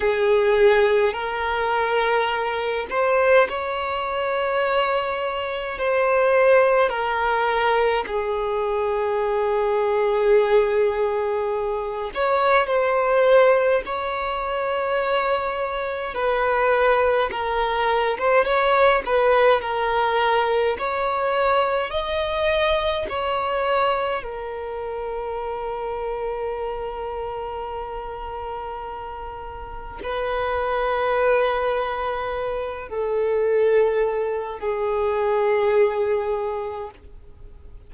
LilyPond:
\new Staff \with { instrumentName = "violin" } { \time 4/4 \tempo 4 = 52 gis'4 ais'4. c''8 cis''4~ | cis''4 c''4 ais'4 gis'4~ | gis'2~ gis'8 cis''8 c''4 | cis''2 b'4 ais'8. c''16 |
cis''8 b'8 ais'4 cis''4 dis''4 | cis''4 ais'2.~ | ais'2 b'2~ | b'8 a'4. gis'2 | }